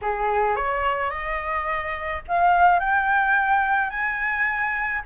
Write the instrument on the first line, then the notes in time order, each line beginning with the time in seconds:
flute
0.01 G#4
0.56 C#5
1.10 D#5
2.27 F5
2.79 G5
3.90 G#5